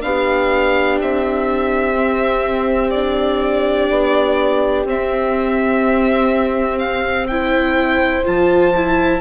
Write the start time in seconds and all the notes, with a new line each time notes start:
0.00 B3 D4 G4 F5
1.02 C4 E5
1.96 C4
2.91 D4 D5
3.90 B3
4.85 C4 E5
6.79 F5
7.28 E4 C5 G5
8.25 F3 F4 A5
8.76 E4